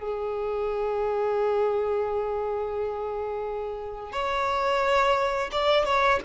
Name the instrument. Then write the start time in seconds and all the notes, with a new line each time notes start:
violin
0.00 G#4
4.13 C#5
5.52 D5
5.86 C#5